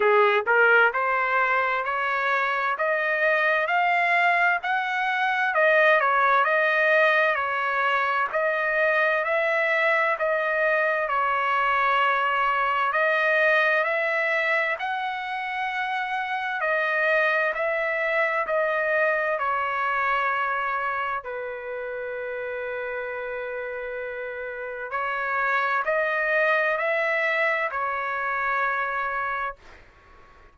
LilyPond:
\new Staff \with { instrumentName = "trumpet" } { \time 4/4 \tempo 4 = 65 gis'8 ais'8 c''4 cis''4 dis''4 | f''4 fis''4 dis''8 cis''8 dis''4 | cis''4 dis''4 e''4 dis''4 | cis''2 dis''4 e''4 |
fis''2 dis''4 e''4 | dis''4 cis''2 b'4~ | b'2. cis''4 | dis''4 e''4 cis''2 | }